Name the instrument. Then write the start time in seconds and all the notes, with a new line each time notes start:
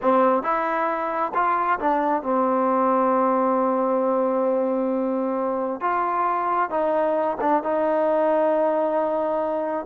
trombone
0.01 C4
0.43 E4
1.34 F4
1.79 D4
2.22 C4
5.80 F4
6.70 D#4
7.40 D4
7.63 D#4